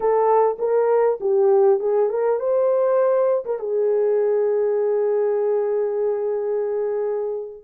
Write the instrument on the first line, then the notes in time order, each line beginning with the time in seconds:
horn
0.00 A4
0.58 A#4
1.20 G4
1.79 G#4
2.09 A#4
2.39 C5
3.45 A#4
3.59 G#4